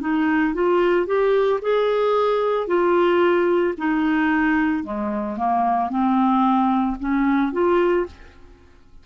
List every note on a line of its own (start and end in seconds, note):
0.00 0.54 D#4
0.54 1.06 F4
1.06 1.60 G4
1.61 2.66 G#4
2.66 3.74 F4
3.77 4.83 D#4
4.83 5.37 G#3
5.37 5.89 A#3
5.89 6.96 C4
6.99 7.52 C#4
7.52 8.06 F4